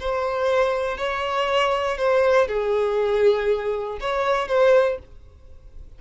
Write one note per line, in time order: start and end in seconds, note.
0.00 0.97 C5
0.97 1.97 C#5
1.97 2.47 C5
2.47 3.99 G#4
4.00 4.48 C#5
4.48 4.98 C5